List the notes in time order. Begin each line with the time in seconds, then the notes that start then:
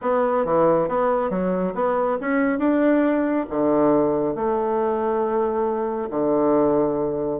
0.01 B3
0.45 E3
0.88 B3
1.30 F#3
1.74 B3
2.20 C#4
2.58 D4
3.49 D3
4.35 A3
6.09 D3